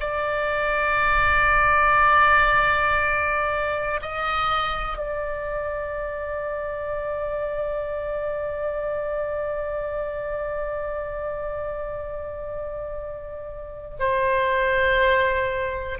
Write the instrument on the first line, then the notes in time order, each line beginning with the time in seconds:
oboe
0.00 D5
4.02 D#5
4.98 D5
14.00 C5